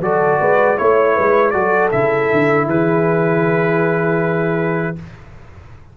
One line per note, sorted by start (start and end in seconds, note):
0.00 0.38 F#3
0.00 0.77 F#4
0.00 0.40 A4
0.00 0.78 D5
0.40 0.78 G#3
0.40 0.77 B4
0.77 1.18 A3
0.77 1.53 E4
0.77 1.14 C#5
0.77 1.50 C#5
1.14 1.54 G#3
1.14 1.52 B4
1.50 1.92 F#3
1.50 1.91 F#4
1.50 2.67 A4
1.50 1.88 D5
1.91 2.30 C#3
1.91 4.96 E4
1.91 2.67 E5
2.32 2.66 D3
2.66 4.94 E3
2.66 4.96 G#4
2.66 4.97 B4